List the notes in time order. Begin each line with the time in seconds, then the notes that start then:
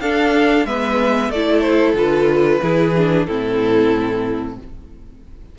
0.00 D4 A4 F5
0.65 G#3 B3 B4 E5
1.30 A3 E4 A4 D5
1.61 C5
1.94 D3 F4 B4
2.62 E3 E4 G#4
2.97 D4
3.26 A2 C4 E4 A4